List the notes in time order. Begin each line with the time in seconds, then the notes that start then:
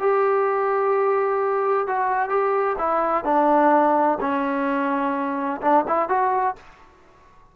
0.00 G4
1.87 F#4
2.29 G4
2.79 E4
3.25 D4
4.21 C#4
5.62 D4
5.88 E4
6.09 F#4